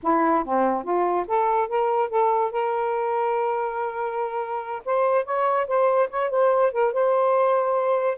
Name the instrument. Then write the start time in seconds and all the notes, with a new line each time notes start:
saxophone
0.02 E4
0.44 C4
0.83 F4
1.27 A4
1.68 A#4
2.09 A4
2.51 A#4
4.85 C5
5.24 C#5
5.67 C5
6.10 C#5
6.29 C5
6.72 A#4
6.93 C5